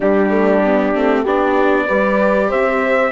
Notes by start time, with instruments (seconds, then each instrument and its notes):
0.00 viola G3, bassoon G3, horn D4, trumpet G4
0.29 viola A3
0.64 viola B3
0.94 bassoon A3, viola C4
1.21 bassoon B3, viola D4, horn G4, trumpet D5
1.87 bassoon G3, viola G4, horn B4
2.49 bassoon C4, horn C5, trumpet E5